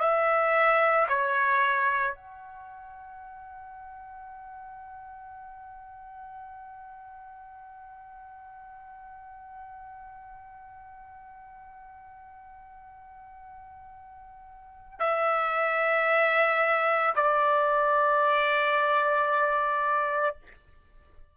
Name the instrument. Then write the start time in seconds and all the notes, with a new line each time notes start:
trumpet
0.00 E5
1.09 C#5
2.15 F#5
15.00 E5
17.15 D5